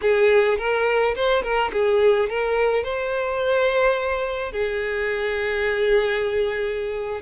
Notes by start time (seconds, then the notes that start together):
0.01 G#4
0.58 A#4
1.15 C5
1.43 A#4
1.72 G#4
2.29 A#4
2.83 C5
4.52 G#4